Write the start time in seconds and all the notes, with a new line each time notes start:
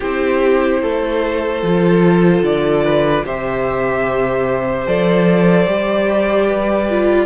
0.00 C4 E4 G4 C5
0.81 A3 A4
1.62 F3 F4
2.42 D3 D5
2.84 B4
3.24 C3 G4 C5 E5
4.86 F3 A4 D5
5.66 G3 G4
6.47 B4
6.89 F4